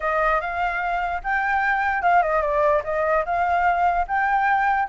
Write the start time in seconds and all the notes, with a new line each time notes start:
0.00 D#5
0.40 F5
1.23 G5
2.02 F5
2.22 D#5
2.41 D5
2.84 D#5
3.25 F5
4.07 G5